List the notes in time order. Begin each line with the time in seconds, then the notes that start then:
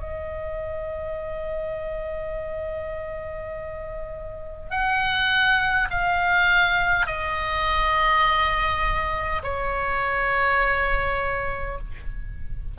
0.00 D#5
4.71 F#5
5.90 F5
7.06 D#5
9.43 C#5